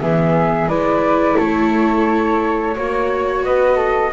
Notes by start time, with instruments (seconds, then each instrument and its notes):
0.00 double bass E3, viola B3, flute G#4 E5
0.67 double bass G#3, viola E4, flute B4 D5
1.37 double bass A3, flute A4 C#5
2.75 double bass A#3, viola F#4, flute C#5
3.44 double bass B3, flute B4 D#5
3.76 flute A4